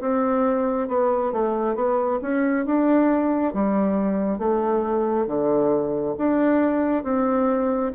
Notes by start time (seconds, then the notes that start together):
0.00 C4
0.88 B3
1.32 A3
1.75 B3
2.21 C#4
2.65 D4
3.53 G3
4.38 A3
5.27 D3
6.17 D4
7.03 C4